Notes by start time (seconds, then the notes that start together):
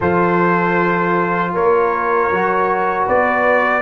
0.00 F3 F4 A4 C5
1.53 A#3 A#4 C#5
2.30 F#3 F#4
3.06 B3 B4 D5